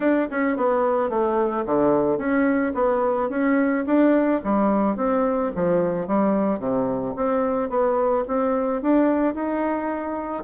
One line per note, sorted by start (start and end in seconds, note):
0.00 0.28 D4
0.30 0.57 C#4
0.57 1.09 B3
1.09 1.64 A3
1.65 2.17 D3
2.17 2.72 C#4
2.74 3.29 B3
3.29 3.84 C#4
3.86 4.41 D4
4.44 4.96 G3
4.96 5.51 C4
5.55 6.07 F3
6.07 6.59 G3
6.59 7.14 C3
7.16 7.69 C4
7.69 8.24 B3
8.27 8.82 C4
8.82 9.34 D4
9.34 10.43 D#4